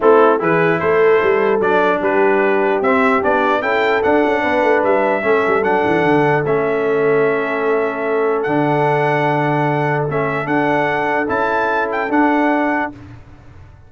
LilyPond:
<<
  \new Staff \with { instrumentName = "trumpet" } { \time 4/4 \tempo 4 = 149 a'4 b'4 c''2 | d''4 b'2 e''4 | d''4 g''4 fis''2 | e''2 fis''2 |
e''1~ | e''4 fis''2.~ | fis''4 e''4 fis''2 | a''4. g''8 fis''2 | }
  \new Staff \with { instrumentName = "horn" } { \time 4/4 e'4 gis'4 a'2~ | a'4 g'2.~ | g'4 a'2 b'4~ | b'4 a'2.~ |
a'1~ | a'1~ | a'1~ | a'1 | }
  \new Staff \with { instrumentName = "trombone" } { \time 4/4 c'4 e'2. | d'2. c'4 | d'4 e'4 d'2~ | d'4 cis'4 d'2 |
cis'1~ | cis'4 d'2.~ | d'4 cis'4 d'2 | e'2 d'2 | }
  \new Staff \with { instrumentName = "tuba" } { \time 4/4 a4 e4 a4 g4 | fis4 g2 c'4 | b4 cis'4 d'8 cis'8 b8 a8 | g4 a8 g8 fis8 e8 d4 |
a1~ | a4 d2.~ | d4 a4 d'2 | cis'2 d'2 | }
>>